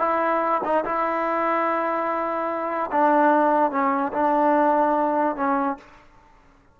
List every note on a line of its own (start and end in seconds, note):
0.00 0.62 E4
0.64 0.85 D#4
0.85 2.90 E4
2.92 3.71 D4
3.71 4.12 C#4
4.13 5.36 D4
5.36 5.78 C#4